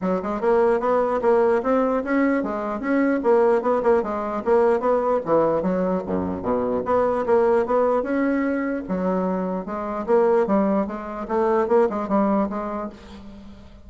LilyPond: \new Staff \with { instrumentName = "bassoon" } { \time 4/4 \tempo 4 = 149 fis8 gis8 ais4 b4 ais4 | c'4 cis'4 gis4 cis'4 | ais4 b8 ais8 gis4 ais4 | b4 e4 fis4 fis,4 |
b,4 b4 ais4 b4 | cis'2 fis2 | gis4 ais4 g4 gis4 | a4 ais8 gis8 g4 gis4 | }